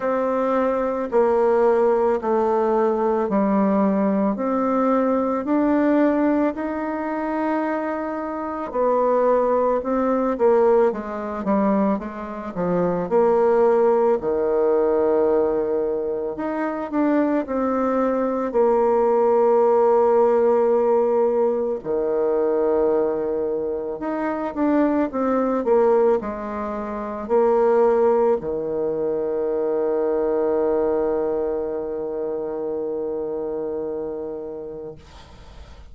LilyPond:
\new Staff \with { instrumentName = "bassoon" } { \time 4/4 \tempo 4 = 55 c'4 ais4 a4 g4 | c'4 d'4 dis'2 | b4 c'8 ais8 gis8 g8 gis8 f8 | ais4 dis2 dis'8 d'8 |
c'4 ais2. | dis2 dis'8 d'8 c'8 ais8 | gis4 ais4 dis2~ | dis1 | }